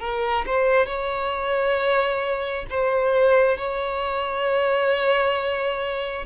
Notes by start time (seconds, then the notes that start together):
0.00 A#4
0.46 C5
0.87 C#5
2.70 C5
3.58 C#5